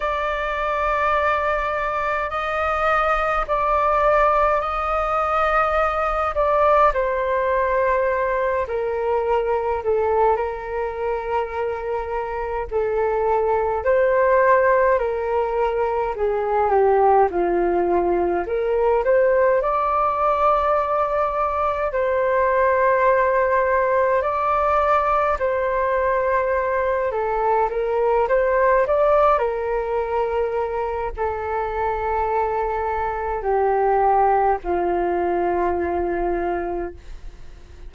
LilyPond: \new Staff \with { instrumentName = "flute" } { \time 4/4 \tempo 4 = 52 d''2 dis''4 d''4 | dis''4. d''8 c''4. ais'8~ | ais'8 a'8 ais'2 a'4 | c''4 ais'4 gis'8 g'8 f'4 |
ais'8 c''8 d''2 c''4~ | c''4 d''4 c''4. a'8 | ais'8 c''8 d''8 ais'4. a'4~ | a'4 g'4 f'2 | }